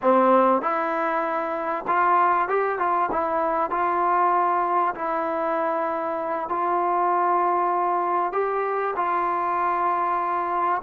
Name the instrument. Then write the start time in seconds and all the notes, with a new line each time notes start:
trombone
0.02 C4
0.61 E4
1.87 F4
2.48 G4
2.78 F4
3.11 E4
3.70 F4
4.95 E4
6.49 F4
8.32 G4
8.96 F4